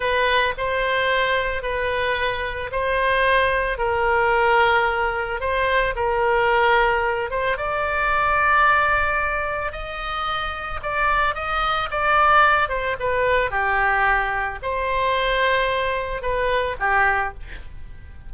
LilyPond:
\new Staff \with { instrumentName = "oboe" } { \time 4/4 \tempo 4 = 111 b'4 c''2 b'4~ | b'4 c''2 ais'4~ | ais'2 c''4 ais'4~ | ais'4. c''8 d''2~ |
d''2 dis''2 | d''4 dis''4 d''4. c''8 | b'4 g'2 c''4~ | c''2 b'4 g'4 | }